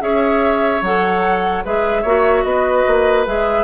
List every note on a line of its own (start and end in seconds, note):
0.00 0.82 C#4
0.00 0.81 G#4
0.00 1.65 C#5
0.00 0.83 E5
0.82 1.63 F#3
0.82 1.65 A4
0.82 1.65 F#5
1.65 2.04 G#3
1.65 2.05 G#4
1.65 2.02 B4
1.65 2.44 E5
2.02 2.44 A#3
2.02 3.26 F#4
2.02 2.43 C#5
2.44 2.85 B3
2.44 3.64 B4
2.44 3.26 D#5
2.87 3.27 A#3
3.26 3.64 G#3
3.26 3.64 G#4
3.26 3.64 E5